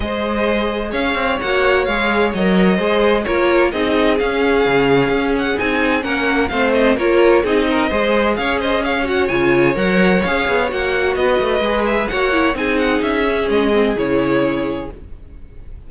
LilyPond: <<
  \new Staff \with { instrumentName = "violin" } { \time 4/4 \tempo 4 = 129 dis''2 f''4 fis''4 | f''4 dis''2 cis''4 | dis''4 f''2~ f''8 fis''8 | gis''4 fis''4 f''8 dis''8 cis''4 |
dis''2 f''8 dis''8 f''8 fis''8 | gis''4 fis''4 f''4 fis''4 | dis''4. e''8 fis''4 gis''8 fis''8 | e''4 dis''4 cis''2 | }
  \new Staff \with { instrumentName = "violin" } { \time 4/4 c''2 cis''2~ | cis''2 c''4 ais'4 | gis'1~ | gis'4 ais'4 c''4 ais'4 |
gis'8 ais'8 c''4 cis''8 c''8 cis''4~ | cis''1 | b'2 cis''4 gis'4~ | gis'1 | }
  \new Staff \with { instrumentName = "viola" } { \time 4/4 gis'2. fis'4 | gis'4 ais'4 gis'4 f'4 | dis'4 cis'2. | dis'4 cis'4 c'4 f'4 |
dis'4 gis'2~ gis'8 fis'8 | f'4 ais'4 gis'4 fis'4~ | fis'4 gis'4 fis'8 e'8 dis'4~ | dis'8 cis'4 c'8 e'2 | }
  \new Staff \with { instrumentName = "cello" } { \time 4/4 gis2 cis'8 c'8 ais4 | gis4 fis4 gis4 ais4 | c'4 cis'4 cis4 cis'4 | c'4 ais4 a4 ais4 |
c'4 gis4 cis'2 | cis4 fis4 cis'8 b8 ais4 | b8 a8 gis4 ais4 c'4 | cis'4 gis4 cis2 | }
>>